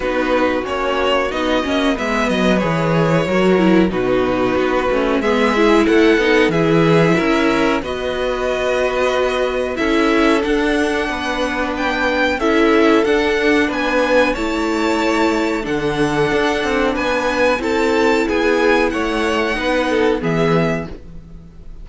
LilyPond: <<
  \new Staff \with { instrumentName = "violin" } { \time 4/4 \tempo 4 = 92 b'4 cis''4 dis''4 e''8 dis''8 | cis''2 b'2 | e''4 fis''4 e''2 | dis''2. e''4 |
fis''2 g''4 e''4 | fis''4 gis''4 a''2 | fis''2 gis''4 a''4 | gis''4 fis''2 e''4 | }
  \new Staff \with { instrumentName = "violin" } { \time 4/4 fis'2. b'4~ | b'4 ais'4 fis'2 | gis'4 a'4 gis'4 ais'4 | b'2. a'4~ |
a'4 b'2 a'4~ | a'4 b'4 cis''2 | a'2 b'4 a'4 | gis'4 cis''4 b'8 a'8 gis'4 | }
  \new Staff \with { instrumentName = "viola" } { \time 4/4 dis'4 cis'4 dis'8 cis'8 b4 | gis'4 fis'8 e'8 dis'4. cis'8 | b8 e'4 dis'8 e'2 | fis'2. e'4 |
d'2. e'4 | d'2 e'2 | d'2. e'4~ | e'2 dis'4 b4 | }
  \new Staff \with { instrumentName = "cello" } { \time 4/4 b4 ais4 b8 ais8 gis8 fis8 | e4 fis4 b,4 b8 a8 | gis4 a8 b8 e4 cis'4 | b2. cis'4 |
d'4 b2 cis'4 | d'4 b4 a2 | d4 d'8 c'8 b4 c'4 | b4 a4 b4 e4 | }
>>